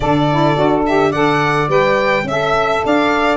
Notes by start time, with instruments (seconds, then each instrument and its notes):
0.00 tuba D3, saxophone D4 A4, violin D5
0.31 saxophone E4
0.56 tuba D4, saxophone F#4
0.86 saxophone G4, violin E5
1.09 tuba D3, saxophone A4 D5, violin F#5
1.68 tuba G3, saxophone B4, violin G5
2.23 tuba C#4, violin E5
2.29 saxophone A4 E5
2.85 tuba D4, saxophone D5, violin F5